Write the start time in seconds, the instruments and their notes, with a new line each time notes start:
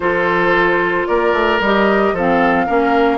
0.00 bassoon F3, clarinet F4, oboe A4, flute C5
1.06 bassoon A#3, oboe A#4, flute D5
1.32 bassoon A3
1.60 bassoon G3, clarinet G4, flute D#5
2.12 bassoon F3, clarinet C4, oboe A4, flute F5
2.65 bassoon A#3, clarinet C#4, oboe A#4